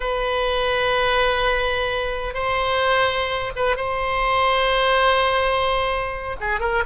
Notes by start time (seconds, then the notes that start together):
0.00 B4
2.33 C5
3.56 B4
3.76 C5
6.40 G#4
6.60 A#4